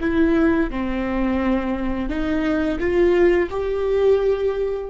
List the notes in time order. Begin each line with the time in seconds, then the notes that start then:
0.00 E4
0.70 C4
2.09 D#4
2.79 F4
3.50 G4